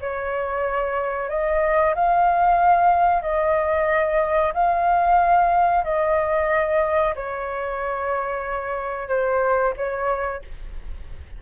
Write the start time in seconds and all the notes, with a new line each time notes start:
0.00 C#5
1.29 D#5
1.94 F5
3.22 D#5
4.53 F5
5.84 D#5
7.15 C#5
9.08 C5
9.77 C#5